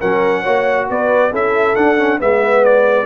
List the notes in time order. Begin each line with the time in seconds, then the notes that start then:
0.00 F#3 C#4 A#4 F#5
0.41 A#3 F#4 C#5
0.89 B3 B4 D5
1.31 C#4 E4 A4 E5
1.75 D4 F#5
1.97 C#4
2.18 G#3 B3 B4 E5
2.64 D5